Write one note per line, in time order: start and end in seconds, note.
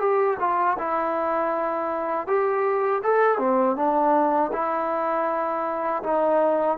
0.00 0.38 G4
0.40 0.77 F4
0.79 2.27 E4
2.27 3.02 G4
3.04 3.39 A4
3.39 3.76 C4
3.76 4.51 D4
4.53 6.03 E4
6.04 6.78 D#4